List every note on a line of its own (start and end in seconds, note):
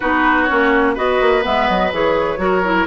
0.00 0.50 B3
0.00 0.48 D#4
0.00 0.95 F#4
0.00 0.44 B4
0.44 0.96 C#4
0.44 0.92 C#5
0.51 0.97 A#3
0.95 1.20 B3
0.95 1.42 F#4
0.95 2.39 B4
0.95 1.44 D#5
1.20 1.44 A#3
1.42 1.69 G#3
1.42 1.90 B3
1.42 1.68 E5
1.68 1.92 F#3
1.68 1.92 D#5
1.92 2.37 E3
1.92 2.37 G#4
1.92 2.87 C#5
2.37 2.85 F#3
2.37 2.61 F#4
2.37 2.87 A#4
2.64 2.87 E4